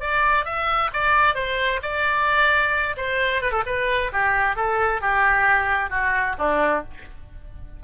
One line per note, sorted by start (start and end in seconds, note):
0.00 0.45 D5
0.45 0.90 E5
0.93 1.35 D5
1.35 1.80 C5
1.82 2.96 D5
2.96 3.42 C5
3.42 3.51 B4
3.51 3.63 A4
3.66 4.11 B4
4.12 4.56 G4
4.56 5.01 A4
5.01 5.90 G4
5.90 6.35 F#4
6.38 6.83 D4